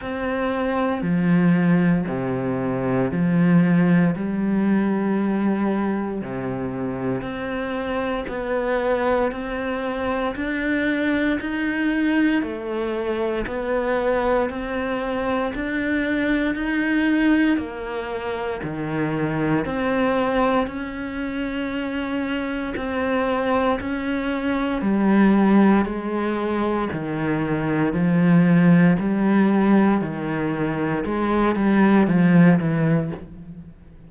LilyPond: \new Staff \with { instrumentName = "cello" } { \time 4/4 \tempo 4 = 58 c'4 f4 c4 f4 | g2 c4 c'4 | b4 c'4 d'4 dis'4 | a4 b4 c'4 d'4 |
dis'4 ais4 dis4 c'4 | cis'2 c'4 cis'4 | g4 gis4 dis4 f4 | g4 dis4 gis8 g8 f8 e8 | }